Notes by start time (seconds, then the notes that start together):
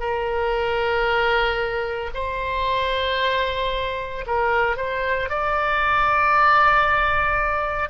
0.00 A#4
2.14 C5
4.26 A#4
4.77 C5
5.29 D5